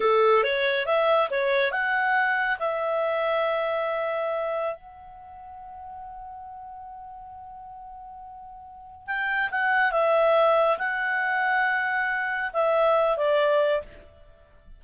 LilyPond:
\new Staff \with { instrumentName = "clarinet" } { \time 4/4 \tempo 4 = 139 a'4 cis''4 e''4 cis''4 | fis''2 e''2~ | e''2. fis''4~ | fis''1~ |
fis''1~ | fis''4 g''4 fis''4 e''4~ | e''4 fis''2.~ | fis''4 e''4. d''4. | }